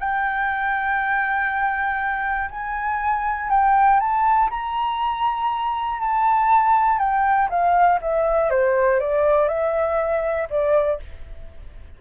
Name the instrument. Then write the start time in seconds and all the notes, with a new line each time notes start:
flute
0.00 G5
2.51 G#5
3.50 G5
4.00 A5
4.50 A#5
6.00 A5
6.99 G5
7.50 F5
8.02 E5
8.50 C5
9.00 D5
9.48 E5
10.50 D5